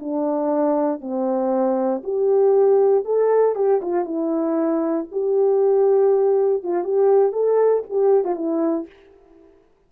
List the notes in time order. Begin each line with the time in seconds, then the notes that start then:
0.00 D4
1.01 C4
2.04 G4
3.05 A4
3.55 G4
3.82 F4
4.05 E4
5.12 G4
6.64 F4
6.84 G4
7.33 A4
7.90 G4
8.25 F4
8.36 E4